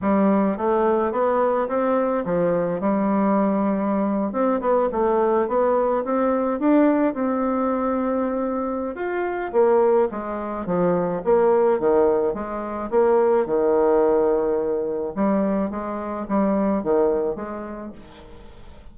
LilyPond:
\new Staff \with { instrumentName = "bassoon" } { \time 4/4 \tempo 4 = 107 g4 a4 b4 c'4 | f4 g2~ g8. c'16~ | c'16 b8 a4 b4 c'4 d'16~ | d'8. c'2.~ c'16 |
f'4 ais4 gis4 f4 | ais4 dis4 gis4 ais4 | dis2. g4 | gis4 g4 dis4 gis4 | }